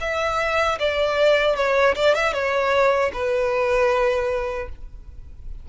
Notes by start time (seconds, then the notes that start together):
0.00 E5
0.79 D5
1.55 C#5
1.95 D5
2.14 E5
2.33 C#5
3.13 B4